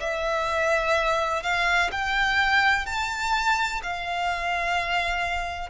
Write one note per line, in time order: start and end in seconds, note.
0.00 1.43 E5
1.43 1.90 F5
1.92 2.86 G5
2.86 3.81 A5
3.83 5.70 F5